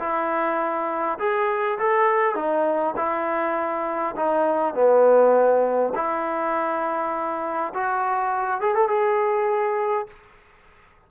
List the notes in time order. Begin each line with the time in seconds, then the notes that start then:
0.00 E4
1.19 G#4
1.79 A4
2.36 D#4
2.97 E4
4.16 D#4
4.75 B3
5.95 E4
7.74 F#4
8.61 G#4
8.75 A4
8.89 G#4